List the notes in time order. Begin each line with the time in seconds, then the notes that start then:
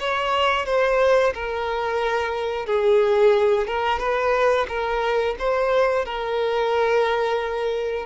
0.00 C#5
0.66 C5
1.35 A#4
2.67 G#4
3.68 A#4
4.00 B4
4.69 A#4
5.39 C5
6.06 A#4